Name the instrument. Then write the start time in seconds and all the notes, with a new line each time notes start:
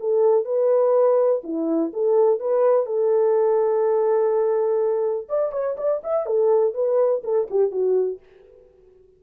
horn
0.00 A4
0.45 B4
1.44 E4
1.94 A4
2.40 B4
2.86 A4
5.29 D5
5.52 C#5
5.78 D5
6.04 E5
6.26 A4
6.74 B4
7.24 A4
7.51 G4
7.72 F#4